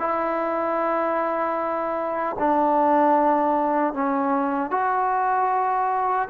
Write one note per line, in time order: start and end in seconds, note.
0.00 2.37 E4
2.39 3.94 D4
3.94 4.71 C#4
4.71 6.29 F#4